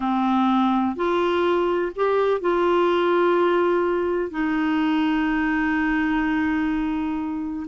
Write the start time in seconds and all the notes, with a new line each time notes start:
0.00 C4
0.95 F4
1.95 G4
2.40 F4
4.31 D#4